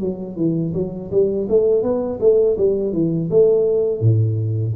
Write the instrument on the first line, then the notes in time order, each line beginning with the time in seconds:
tuba
0.00 F#3
0.37 E3
0.74 F#3
1.11 G3
1.49 A3
1.83 B3
2.20 A3
2.58 G3
2.93 E3
3.30 A3
4.01 A2